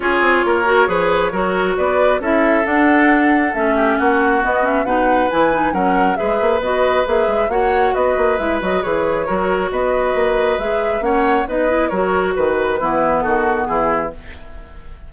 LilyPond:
<<
  \new Staff \with { instrumentName = "flute" } { \time 4/4 \tempo 4 = 136 cis''1 | d''4 e''4 fis''2 | e''4 fis''4 dis''8 e''8 fis''4 | gis''4 fis''4 e''4 dis''4 |
e''4 fis''4 dis''4 e''8 dis''8 | cis''2 dis''2 | e''4 fis''4 dis''4 cis''4 | b'2 a'4 gis'4 | }
  \new Staff \with { instrumentName = "oboe" } { \time 4/4 gis'4 ais'4 b'4 ais'4 | b'4 a'2.~ | a'8 g'8 fis'2 b'4~ | b'4 ais'4 b'2~ |
b'4 cis''4 b'2~ | b'4 ais'4 b'2~ | b'4 cis''4 b'4 ais'4 | b'4 e'4 fis'4 e'4 | }
  \new Staff \with { instrumentName = "clarinet" } { \time 4/4 f'4. fis'8 gis'4 fis'4~ | fis'4 e'4 d'2 | cis'2 b8 cis'8 dis'4 | e'8 dis'8 cis'4 gis'4 fis'4 |
gis'4 fis'2 e'8 fis'8 | gis'4 fis'2. | gis'4 cis'4 dis'8 e'8 fis'4~ | fis'4 b2. | }
  \new Staff \with { instrumentName = "bassoon" } { \time 4/4 cis'8 c'8 ais4 f4 fis4 | b4 cis'4 d'2 | a4 ais4 b4 b,4 | e4 fis4 gis8 ais8 b4 |
ais8 gis8 ais4 b8 ais8 gis8 fis8 | e4 fis4 b4 ais4 | gis4 ais4 b4 fis4 | dis4 e4 dis4 e4 | }
>>